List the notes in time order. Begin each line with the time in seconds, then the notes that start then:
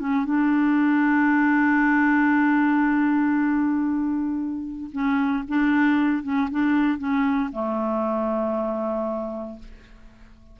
0.00 C#4
0.25 D4
4.92 C#4
5.49 D4
6.23 C#4
6.51 D4
6.99 C#4
7.52 A3